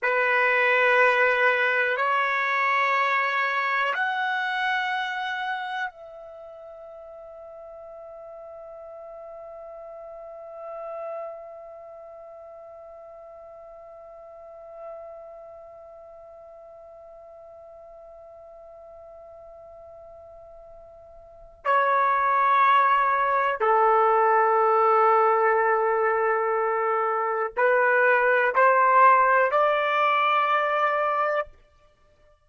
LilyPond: \new Staff \with { instrumentName = "trumpet" } { \time 4/4 \tempo 4 = 61 b'2 cis''2 | fis''2 e''2~ | e''1~ | e''1~ |
e''1~ | e''2 cis''2 | a'1 | b'4 c''4 d''2 | }